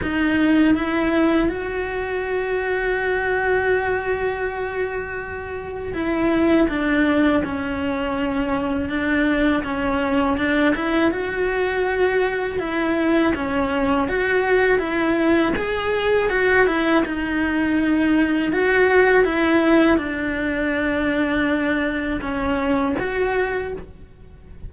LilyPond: \new Staff \with { instrumentName = "cello" } { \time 4/4 \tempo 4 = 81 dis'4 e'4 fis'2~ | fis'1 | e'4 d'4 cis'2 | d'4 cis'4 d'8 e'8 fis'4~ |
fis'4 e'4 cis'4 fis'4 | e'4 gis'4 fis'8 e'8 dis'4~ | dis'4 fis'4 e'4 d'4~ | d'2 cis'4 fis'4 | }